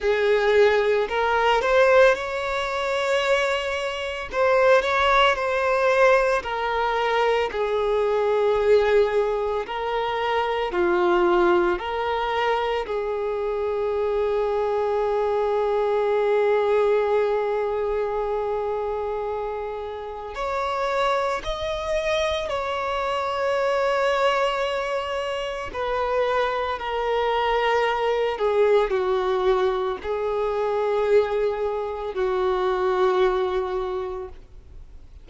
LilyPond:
\new Staff \with { instrumentName = "violin" } { \time 4/4 \tempo 4 = 56 gis'4 ais'8 c''8 cis''2 | c''8 cis''8 c''4 ais'4 gis'4~ | gis'4 ais'4 f'4 ais'4 | gis'1~ |
gis'2. cis''4 | dis''4 cis''2. | b'4 ais'4. gis'8 fis'4 | gis'2 fis'2 | }